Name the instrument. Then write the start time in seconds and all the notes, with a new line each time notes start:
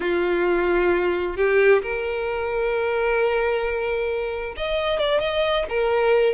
violin
0.00 F4
1.36 G4
1.82 A#4
4.56 D#5
4.99 D5
5.20 D#5
5.69 A#4